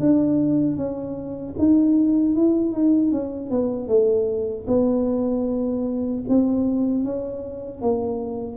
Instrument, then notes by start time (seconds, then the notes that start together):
tuba
0.00 D4
0.77 C#4
1.59 D#4
2.36 E4
2.73 D#4
3.12 C#4
3.51 B3
3.88 A3
4.68 B3
6.29 C4
7.04 C#4
7.82 A#3